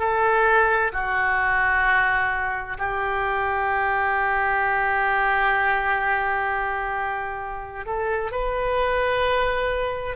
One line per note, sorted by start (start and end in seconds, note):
0.00 0.92 A4
0.93 2.78 F#4
2.79 7.86 G4
7.86 8.32 A4
8.32 10.16 B4